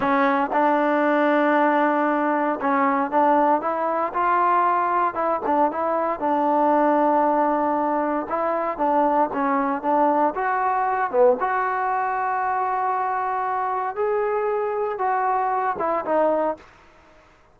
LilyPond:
\new Staff \with { instrumentName = "trombone" } { \time 4/4 \tempo 4 = 116 cis'4 d'2.~ | d'4 cis'4 d'4 e'4 | f'2 e'8 d'8 e'4 | d'1 |
e'4 d'4 cis'4 d'4 | fis'4. b8 fis'2~ | fis'2. gis'4~ | gis'4 fis'4. e'8 dis'4 | }